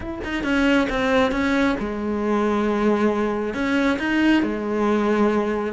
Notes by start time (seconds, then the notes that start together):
0.00 E4
0.23 D#4
0.43 C#4
0.89 C4
1.31 C#4
1.79 G#3
3.54 C#4
3.98 D#4
4.42 G#3